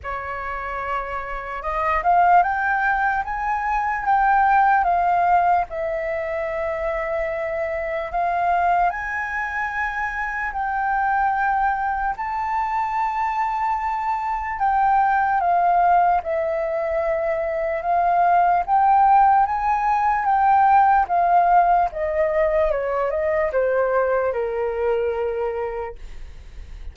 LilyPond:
\new Staff \with { instrumentName = "flute" } { \time 4/4 \tempo 4 = 74 cis''2 dis''8 f''8 g''4 | gis''4 g''4 f''4 e''4~ | e''2 f''4 gis''4~ | gis''4 g''2 a''4~ |
a''2 g''4 f''4 | e''2 f''4 g''4 | gis''4 g''4 f''4 dis''4 | cis''8 dis''8 c''4 ais'2 | }